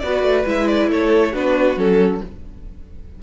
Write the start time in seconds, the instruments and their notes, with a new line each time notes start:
0.00 cello B3, viola F#4, violin B4 D5
0.23 cello A3
0.46 cello G#3, viola E4, violin E5
0.68 violin D5
0.89 cello A3, violin A4 C#5
1.33 cello B3, viola D4, violin F#4 B4
1.77 cello F#3, viola C#4, violin A4